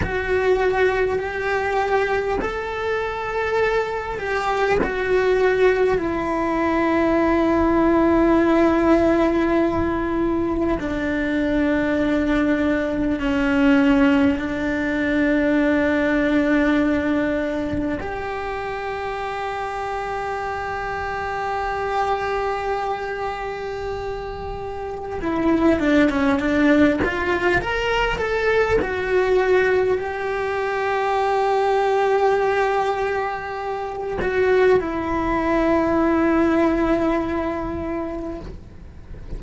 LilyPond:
\new Staff \with { instrumentName = "cello" } { \time 4/4 \tempo 4 = 50 fis'4 g'4 a'4. g'8 | fis'4 e'2.~ | e'4 d'2 cis'4 | d'2. g'4~ |
g'1~ | g'4 e'8 d'16 cis'16 d'8 f'8 ais'8 a'8 | fis'4 g'2.~ | g'8 fis'8 e'2. | }